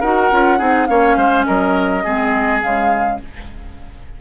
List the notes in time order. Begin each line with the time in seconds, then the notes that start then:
0.00 D#4 F#4 A#4 F#5
0.31 C#4 F4
0.58 C4 D#4 G#4
0.86 A#3 C#4 C#5 F5
1.16 G#3 C5
1.46 F#3 A#4 D#5
2.03 G#3 C4 G#4
2.61 C#3 G#3 F5